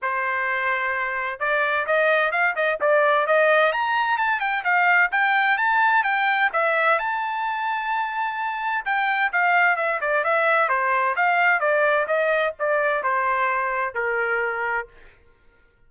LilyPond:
\new Staff \with { instrumentName = "trumpet" } { \time 4/4 \tempo 4 = 129 c''2. d''4 | dis''4 f''8 dis''8 d''4 dis''4 | ais''4 a''8 g''8 f''4 g''4 | a''4 g''4 e''4 a''4~ |
a''2. g''4 | f''4 e''8 d''8 e''4 c''4 | f''4 d''4 dis''4 d''4 | c''2 ais'2 | }